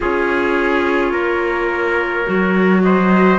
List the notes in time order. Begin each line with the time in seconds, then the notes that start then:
0.00 C#4 F4 G#4 C#5
1.12 A#3 A#4
2.25 F#3 F#4
2.82 C5 D#5